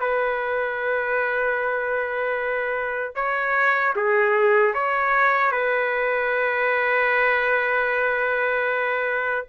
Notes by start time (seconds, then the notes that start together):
0.00 B4
3.15 C#5
3.96 G#4
4.74 C#5
5.52 B4